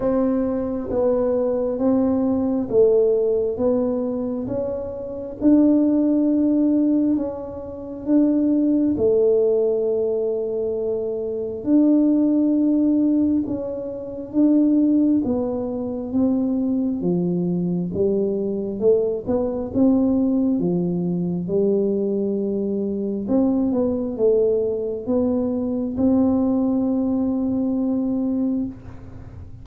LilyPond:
\new Staff \with { instrumentName = "tuba" } { \time 4/4 \tempo 4 = 67 c'4 b4 c'4 a4 | b4 cis'4 d'2 | cis'4 d'4 a2~ | a4 d'2 cis'4 |
d'4 b4 c'4 f4 | g4 a8 b8 c'4 f4 | g2 c'8 b8 a4 | b4 c'2. | }